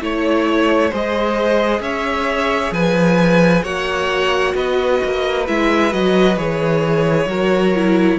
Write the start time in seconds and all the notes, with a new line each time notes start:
0.00 A3 E4 C#5
0.89 G#3 G#4 C5 D#5
1.80 C#4 C#5 E5
2.71 F3 B4 G#5
3.63 A#3 F#4 C#5 F#5
4.54 B3 B4 D#5
5.04 A#3
5.47 G#3 E4 E5
5.91 F#3 F#4 D#5
6.37 E3 G#4 C#5
7.26 F#3 F#4 A#4
7.75 E4